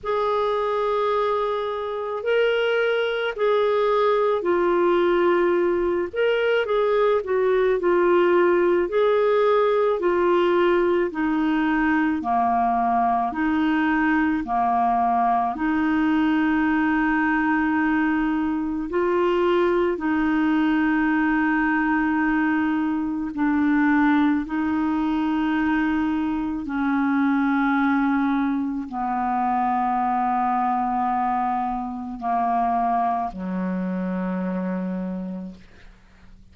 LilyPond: \new Staff \with { instrumentName = "clarinet" } { \time 4/4 \tempo 4 = 54 gis'2 ais'4 gis'4 | f'4. ais'8 gis'8 fis'8 f'4 | gis'4 f'4 dis'4 ais4 | dis'4 ais4 dis'2~ |
dis'4 f'4 dis'2~ | dis'4 d'4 dis'2 | cis'2 b2~ | b4 ais4 fis2 | }